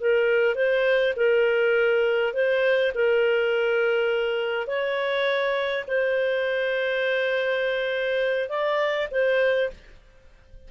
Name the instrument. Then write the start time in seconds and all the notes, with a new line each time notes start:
clarinet
0.00 A#4
0.55 C5
1.17 A#4
2.34 C5
2.95 A#4
4.67 C#5
5.87 C5
8.49 D5
9.11 C5